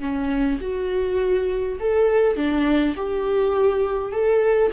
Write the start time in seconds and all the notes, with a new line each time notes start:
0.00 C#4
0.61 F#4
1.80 A4
2.36 D4
2.96 G4
4.12 A4